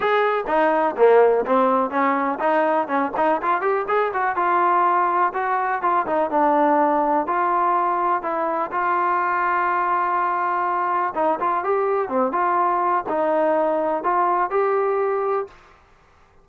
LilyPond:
\new Staff \with { instrumentName = "trombone" } { \time 4/4 \tempo 4 = 124 gis'4 dis'4 ais4 c'4 | cis'4 dis'4 cis'8 dis'8 f'8 g'8 | gis'8 fis'8 f'2 fis'4 | f'8 dis'8 d'2 f'4~ |
f'4 e'4 f'2~ | f'2. dis'8 f'8 | g'4 c'8 f'4. dis'4~ | dis'4 f'4 g'2 | }